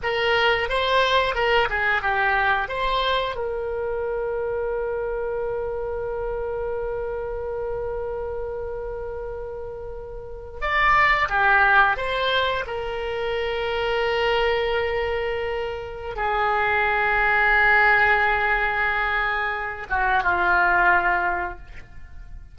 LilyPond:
\new Staff \with { instrumentName = "oboe" } { \time 4/4 \tempo 4 = 89 ais'4 c''4 ais'8 gis'8 g'4 | c''4 ais'2.~ | ais'1~ | ais'2.~ ais'8. d''16~ |
d''8. g'4 c''4 ais'4~ ais'16~ | ais'1 | gis'1~ | gis'4. fis'8 f'2 | }